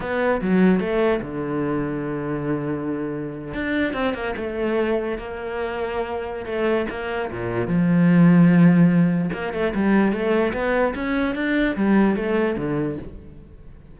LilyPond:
\new Staff \with { instrumentName = "cello" } { \time 4/4 \tempo 4 = 148 b4 fis4 a4 d4~ | d1~ | d8. d'4 c'8 ais8 a4~ a16~ | a8. ais2.~ ais16 |
a4 ais4 ais,4 f4~ | f2. ais8 a8 | g4 a4 b4 cis'4 | d'4 g4 a4 d4 | }